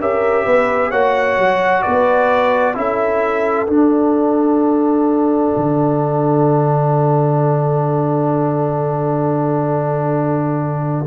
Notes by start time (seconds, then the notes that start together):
0.00 C#4 G4 A#4 E5
0.45 B3 B4
0.90 A#3 F#4 C#5 F#5
1.38 F#3
1.82 B3 B4 D5
2.74 C#4 E4 A4 E5
3.67 D4 F#5
5.56 D3